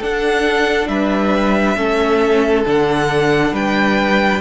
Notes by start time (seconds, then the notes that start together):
0.00 D4 A4 F#5
0.88 G3 B4 E5
1.77 A3 C#4 A4
2.66 D3 D4 F#5
3.52 G3 B4 G5